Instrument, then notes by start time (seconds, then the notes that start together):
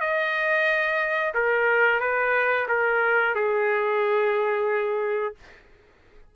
trumpet
0.00 D#5
1.34 A#4
2.00 B4
2.68 A#4
3.35 G#4